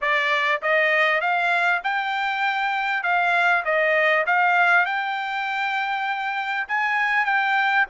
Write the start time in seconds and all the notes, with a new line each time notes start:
0.01 D5
0.61 D#5
1.20 F5
1.83 G5
3.03 F5
3.64 D#5
4.26 F5
4.85 G5
6.67 G#5
7.25 G5